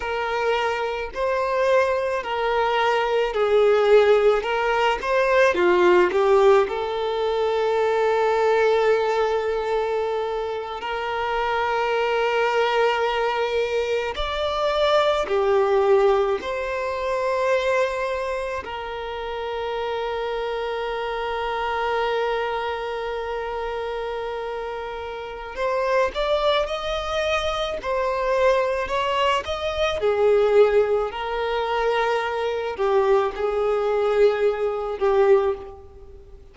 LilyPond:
\new Staff \with { instrumentName = "violin" } { \time 4/4 \tempo 4 = 54 ais'4 c''4 ais'4 gis'4 | ais'8 c''8 f'8 g'8 a'2~ | a'4.~ a'16 ais'2~ ais'16~ | ais'8. d''4 g'4 c''4~ c''16~ |
c''8. ais'2.~ ais'16~ | ais'2. c''8 d''8 | dis''4 c''4 cis''8 dis''8 gis'4 | ais'4. g'8 gis'4. g'8 | }